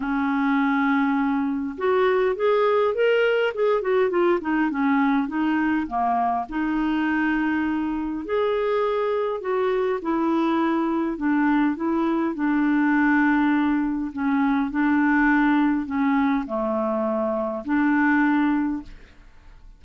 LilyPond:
\new Staff \with { instrumentName = "clarinet" } { \time 4/4 \tempo 4 = 102 cis'2. fis'4 | gis'4 ais'4 gis'8 fis'8 f'8 dis'8 | cis'4 dis'4 ais4 dis'4~ | dis'2 gis'2 |
fis'4 e'2 d'4 | e'4 d'2. | cis'4 d'2 cis'4 | a2 d'2 | }